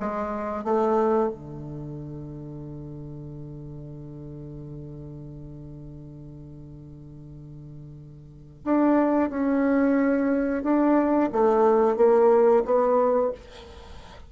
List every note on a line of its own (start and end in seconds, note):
0.00 0.64 G#3
0.64 1.30 A3
1.30 8.63 D3
8.65 9.30 D4
9.30 10.63 C#4
10.63 11.30 D4
11.32 11.97 A3
11.97 12.63 A#3
12.65 13.32 B3